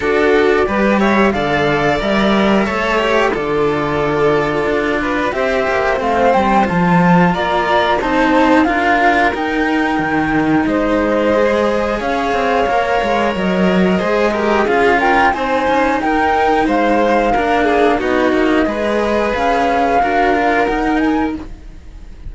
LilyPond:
<<
  \new Staff \with { instrumentName = "flute" } { \time 4/4 \tempo 4 = 90 d''4. e''8 f''4 e''4~ | e''4 d''2. | e''4 f''8 g''8 a''4 ais''4 | a''4 f''4 g''2 |
dis''2 f''2 | dis''2 f''8 g''8 gis''4 | g''4 f''2 dis''4~ | dis''4 f''2 fis''8 gis''8 | }
  \new Staff \with { instrumentName = "violin" } { \time 4/4 a'4 b'8 cis''8 d''2 | cis''4 a'2~ a'8 b'8 | c''2. d''4 | c''4 ais'2. |
c''2 cis''2~ | cis''4 c''8 ais'8 gis'8 ais'8 c''4 | ais'4 c''4 ais'8 gis'8 fis'4 | b'2 ais'2 | }
  \new Staff \with { instrumentName = "cello" } { \time 4/4 fis'4 g'4 a'4 ais'4 | a'8 g'8 f'2. | g'4 c'4 f'2 | dis'4 f'4 dis'2~ |
dis'4 gis'2 ais'4~ | ais'4 gis'8 g'8 f'4 dis'4~ | dis'2 d'4 dis'4 | gis'2 fis'8 f'8 dis'4 | }
  \new Staff \with { instrumentName = "cello" } { \time 4/4 d'4 g4 d4 g4 | a4 d2 d'4 | c'8 ais8 a8 g8 f4 ais4 | c'4 d'4 dis'4 dis4 |
gis2 cis'8 c'8 ais8 gis8 | fis4 gis4 cis'4 c'8 cis'8 | dis'4 gis4 ais4 b8 ais8 | gis4 cis'4 d'4 dis'4 | }
>>